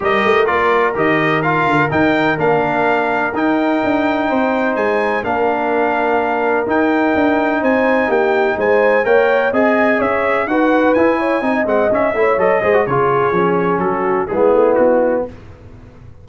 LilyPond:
<<
  \new Staff \with { instrumentName = "trumpet" } { \time 4/4 \tempo 4 = 126 dis''4 d''4 dis''4 f''4 | g''4 f''2 g''4~ | g''2 gis''4 f''4~ | f''2 g''2 |
gis''4 g''4 gis''4 g''4 | gis''4 e''4 fis''4 gis''4~ | gis''8 fis''8 e''4 dis''4 cis''4~ | cis''4 a'4 gis'4 fis'4 | }
  \new Staff \with { instrumentName = "horn" } { \time 4/4 ais'1~ | ais'1~ | ais'4 c''2 ais'4~ | ais'1 |
c''4 g'4 c''4 cis''4 | dis''4 cis''4 b'4. cis''8 | dis''4. cis''4 c''8 gis'4~ | gis'4 fis'4 e'2 | }
  \new Staff \with { instrumentName = "trombone" } { \time 4/4 g'4 f'4 g'4 f'4 | dis'4 d'2 dis'4~ | dis'2. d'4~ | d'2 dis'2~ |
dis'2. ais'4 | gis'2 fis'4 e'4 | dis'8 c'8 cis'8 e'8 a'8 gis'16 fis'16 f'4 | cis'2 b2 | }
  \new Staff \with { instrumentName = "tuba" } { \time 4/4 g8 a8 ais4 dis4. d8 | dis4 ais2 dis'4 | d'4 c'4 gis4 ais4~ | ais2 dis'4 d'4 |
c'4 ais4 gis4 ais4 | c'4 cis'4 dis'4 e'4 | c'8 gis8 cis'8 a8 fis8 gis8 cis4 | f4 fis4 gis8 a8 b4 | }
>>